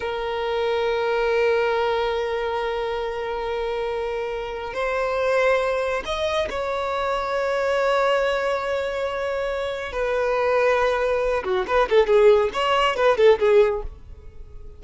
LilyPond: \new Staff \with { instrumentName = "violin" } { \time 4/4 \tempo 4 = 139 ais'1~ | ais'1~ | ais'2. c''4~ | c''2 dis''4 cis''4~ |
cis''1~ | cis''2. b'4~ | b'2~ b'8 fis'8 b'8 a'8 | gis'4 cis''4 b'8 a'8 gis'4 | }